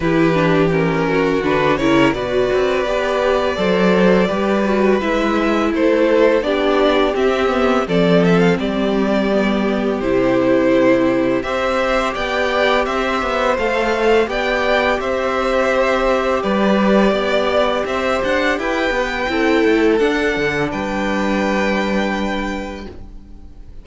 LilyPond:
<<
  \new Staff \with { instrumentName = "violin" } { \time 4/4 \tempo 4 = 84 b'4 ais'4 b'8 cis''8 d''4~ | d''2. e''4 | c''4 d''4 e''4 d''8 e''16 f''16 | d''2 c''2 |
e''4 g''4 e''4 f''4 | g''4 e''2 d''4~ | d''4 e''8 fis''8 g''2 | fis''4 g''2. | }
  \new Staff \with { instrumentName = "violin" } { \time 4/4 g'4. fis'4 ais'8 b'4~ | b'4 c''4 b'2 | a'4 g'2 a'4 | g'1 |
c''4 d''4 c''2 | d''4 c''2 b'4 | d''4 c''4 b'4 a'4~ | a'4 b'2. | }
  \new Staff \with { instrumentName = "viola" } { \time 4/4 e'8 d'8 cis'4 d'8 e'8 fis'4 | g'4 a'4 g'8 fis'8 e'4~ | e'4 d'4 c'8 b8 c'4~ | c'4 b4 e'2 |
g'2. a'4 | g'1~ | g'2. e'4 | d'1 | }
  \new Staff \with { instrumentName = "cello" } { \time 4/4 e2 d8 cis8 b,8 c'8 | b4 fis4 g4 gis4 | a4 b4 c'4 f4 | g2 c2 |
c'4 b4 c'8 b8 a4 | b4 c'2 g4 | b4 c'8 d'8 e'8 b8 c'8 a8 | d'8 d8 g2. | }
>>